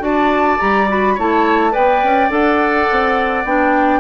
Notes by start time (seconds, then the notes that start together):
0.00 D4 F#4 D5 A5
0.59 G3 G4 A#5
0.89 F#4 B5
1.15 A3 E4 C#5 A5
1.72 B3 B4 D5 G5
2.03 C#4
2.30 D4 A4 F#5
2.91 C4
3.45 B3 D4 G5